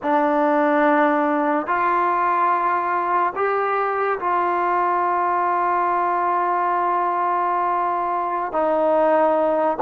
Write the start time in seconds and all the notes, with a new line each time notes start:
0.02 D4
1.66 F4
3.35 G4
4.19 F4
8.52 D#4